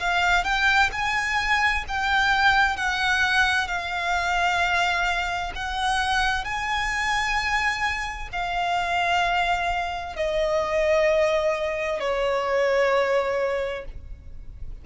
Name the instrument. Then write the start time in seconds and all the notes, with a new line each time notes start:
violin
0.00 F5
0.44 G5
0.92 G#5
1.88 G5
2.77 F#5
3.68 F5
5.56 F#5
6.44 G#5
8.33 F5
10.16 D#5
12.00 C#5